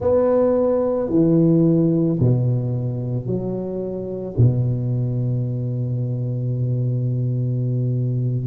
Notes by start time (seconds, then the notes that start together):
0.00 B3
1.09 E3
2.19 B2
3.26 F#3
4.37 B2